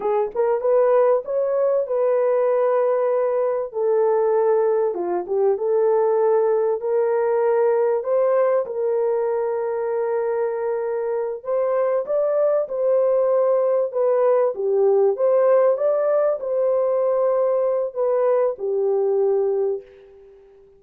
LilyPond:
\new Staff \with { instrumentName = "horn" } { \time 4/4 \tempo 4 = 97 gis'8 ais'8 b'4 cis''4 b'4~ | b'2 a'2 | f'8 g'8 a'2 ais'4~ | ais'4 c''4 ais'2~ |
ais'2~ ais'8 c''4 d''8~ | d''8 c''2 b'4 g'8~ | g'8 c''4 d''4 c''4.~ | c''4 b'4 g'2 | }